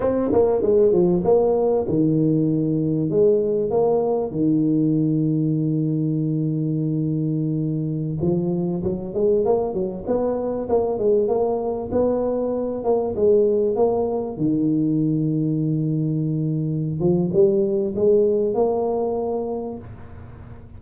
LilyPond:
\new Staff \with { instrumentName = "tuba" } { \time 4/4 \tempo 4 = 97 c'8 ais8 gis8 f8 ais4 dis4~ | dis4 gis4 ais4 dis4~ | dis1~ | dis4~ dis16 f4 fis8 gis8 ais8 fis16~ |
fis16 b4 ais8 gis8 ais4 b8.~ | b8. ais8 gis4 ais4 dis8.~ | dis2.~ dis8 f8 | g4 gis4 ais2 | }